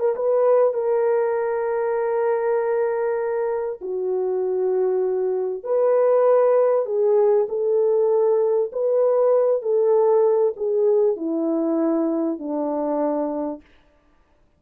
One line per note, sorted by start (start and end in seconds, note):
0.00 0.15 A#4
0.16 0.74 B4
0.74 3.80 A#4
3.82 5.64 F#4
5.64 6.86 B4
6.86 7.47 G#4
7.49 8.72 A4
8.73 9.62 B4
9.62 10.54 A4
10.57 11.17 G#4
11.17 12.39 E4
12.39 13.61 D4